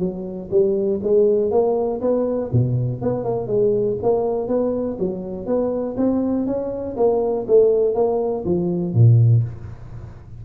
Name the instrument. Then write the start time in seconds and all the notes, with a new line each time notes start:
tuba
0.00 F#3
0.51 G3
1.03 G#3
1.51 A#3
2.02 B3
2.53 B2
3.02 B3
3.25 A#3
3.48 G#3
4.03 A#3
4.48 B3
4.99 F#3
5.47 B3
5.97 C4
6.47 C#4
6.97 A#3
7.48 A3
7.95 A#3
8.45 F3
8.94 A#2